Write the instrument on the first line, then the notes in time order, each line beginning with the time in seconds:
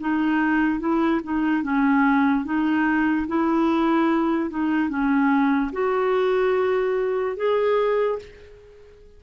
clarinet
0.00 D#4
0.80 E4
1.24 D#4
1.63 C#4
2.45 D#4
3.27 E4
4.50 D#4
4.89 C#4
5.72 F#4
7.36 G#4